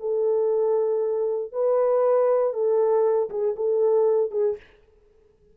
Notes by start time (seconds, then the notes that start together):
0.00 A4
1.52 B4
2.53 A4
3.30 G#4
3.56 A4
4.31 G#4